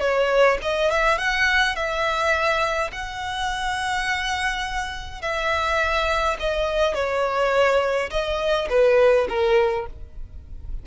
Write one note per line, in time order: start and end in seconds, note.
0.00 0.58 C#5
0.62 0.91 D#5
0.91 1.18 E5
1.18 1.75 F#5
1.75 2.91 E5
2.92 5.21 F#5
5.21 6.37 E5
6.40 6.94 D#5
6.94 8.10 C#5
8.10 8.68 D#5
8.69 9.27 B4
9.29 9.87 A#4